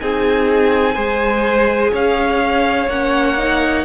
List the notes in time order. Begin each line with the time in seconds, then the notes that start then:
0.00 C4 D#4 G#4 G#5
0.94 G#3 G#4 C5
1.92 C#4 C#5 F5
2.88 A#3 C#4 F#5
3.38 D#4